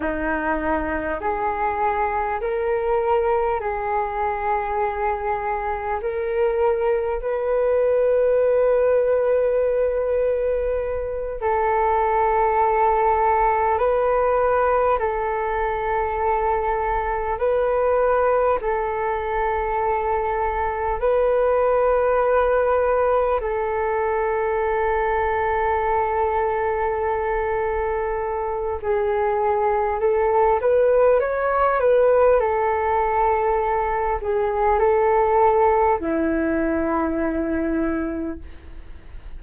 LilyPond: \new Staff \with { instrumentName = "flute" } { \time 4/4 \tempo 4 = 50 dis'4 gis'4 ais'4 gis'4~ | gis'4 ais'4 b'2~ | b'4. a'2 b'8~ | b'8 a'2 b'4 a'8~ |
a'4. b'2 a'8~ | a'1 | gis'4 a'8 b'8 cis''8 b'8 a'4~ | a'8 gis'8 a'4 e'2 | }